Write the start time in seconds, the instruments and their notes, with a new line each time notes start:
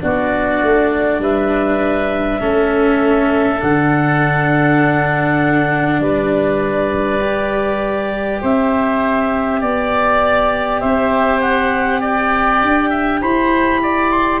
0.00 tuba B3, cello D4, oboe F#4, clarinet D5
0.62 tuba A3
1.19 tuba G3, oboe B4, clarinet E5
2.40 tuba A3, cello C#4, oboe A4
3.60 tuba D3, cello D4, clarinet F#5
6.00 tuba G3, oboe B4, clarinet D5
7.21 cello G4
8.41 tuba C4, oboe C5, clarinet E5
9.60 tuba B3, oboe D5, clarinet D5
10.80 tuba C4, oboe C5, clarinet E5
11.40 clarinet F#5
12.00 oboe D5, clarinet G5
12.62 tuba D4
12.89 oboe E5
13.21 tuba E4, oboe C5, clarinet B5
13.82 oboe D5
14.11 clarinet C6